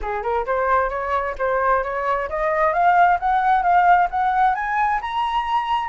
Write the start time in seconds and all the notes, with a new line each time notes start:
0.01 G#4
0.22 A#4
0.45 C5
0.89 C#5
1.38 C5
1.83 C#5
2.29 D#5
2.73 F5
3.19 F#5
3.62 F5
4.10 F#5
4.54 G#5
5.01 A#5